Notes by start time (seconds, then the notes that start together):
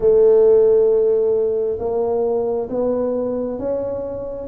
0.00 A3
1.79 A#3
2.69 B3
3.58 C#4